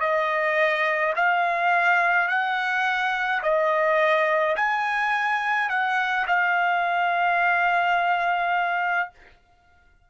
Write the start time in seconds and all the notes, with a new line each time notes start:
0.00 D#5
1.16 F5
2.28 F#5
3.43 D#5
4.56 G#5
5.70 F#5
6.27 F5